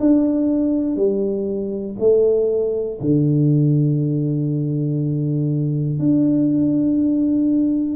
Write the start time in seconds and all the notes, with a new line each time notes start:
0.00 D4
0.96 G3
2.00 A3
3.01 D3
5.99 D4